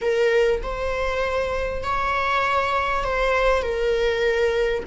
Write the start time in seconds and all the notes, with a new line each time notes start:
0.01 A#4
0.62 C5
1.83 C#5
3.03 C5
3.62 A#4